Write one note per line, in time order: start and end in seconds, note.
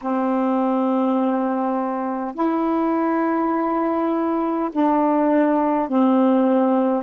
0.01 2.34 C4
2.34 4.70 E4
4.72 5.88 D4
5.88 7.03 C4